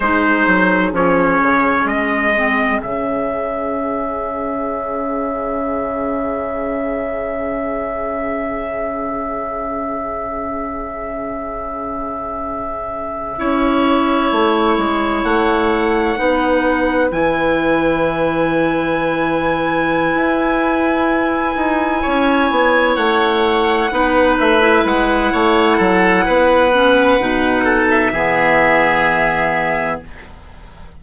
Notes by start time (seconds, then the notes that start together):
0.00 G#3 D#4 G#4 C5
0.47 F#3
0.92 F3 C#4 C#5
1.41 C#3
1.85 G#3 D#5
2.37 C4
2.82 C#3 C#4 E5
13.38 C#4 E4 C#5
14.31 A3
14.77 G#3
15.23 A3 F#5
16.16 B3 D#4 B4
17.10 E3 E4 G#5
20.14 E4
21.55 D#4
22.02 C#4 C#5
22.50 B3
22.95 A3 F#5
23.90 B3 D#4 B4
24.39 A3 E5
24.60 E4
24.84 G#3 F#5
25.32 A3 C#5
25.77 F#3 A4
26.25 B3 B4
26.73 C#4
27.19 B2 D#4
27.64 A4
27.89 E5
28.12 E3 B3 G#4